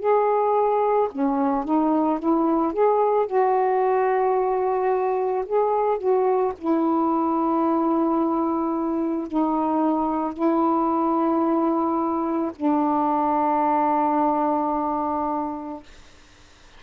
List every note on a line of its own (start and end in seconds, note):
0.00 1.09 G#4
1.12 1.65 C#4
1.65 2.20 D#4
2.20 2.73 E4
2.73 3.27 G#4
3.27 5.45 F#4
5.46 5.99 G#4
5.99 6.53 F#4
6.59 9.28 E4
9.28 10.34 D#4
10.34 12.52 E4
12.57 15.84 D4